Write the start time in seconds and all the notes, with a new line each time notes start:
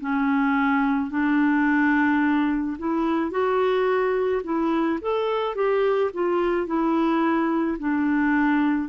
0.00 C#4
1.10 D4
2.78 E4
3.31 F#4
4.43 E4
5.01 A4
5.55 G4
6.13 F4
6.66 E4
7.78 D4